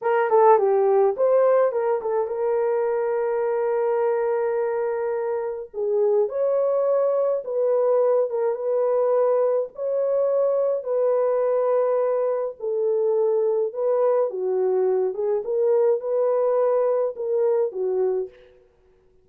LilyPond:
\new Staff \with { instrumentName = "horn" } { \time 4/4 \tempo 4 = 105 ais'8 a'8 g'4 c''4 ais'8 a'8 | ais'1~ | ais'2 gis'4 cis''4~ | cis''4 b'4. ais'8 b'4~ |
b'4 cis''2 b'4~ | b'2 a'2 | b'4 fis'4. gis'8 ais'4 | b'2 ais'4 fis'4 | }